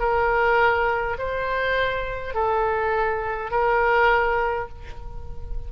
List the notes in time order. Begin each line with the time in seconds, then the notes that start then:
0.00 A#4
1.19 C5
2.35 A4
3.51 A#4